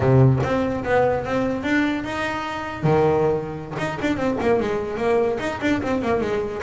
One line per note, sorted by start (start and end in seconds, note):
0.00 0.40 C3
0.43 0.84 C4
0.84 1.24 B3
1.24 1.63 C4
1.63 2.04 D4
2.04 2.83 D#4
2.83 3.75 D#3
3.78 3.98 D#4
4.01 4.16 D4
4.16 4.37 C4
4.41 4.60 A#3
4.60 4.97 G#3
4.97 5.38 A#3
5.39 5.60 D#4
5.61 5.81 D4
5.82 6.02 C4
6.02 6.20 A#3
6.20 6.61 G#3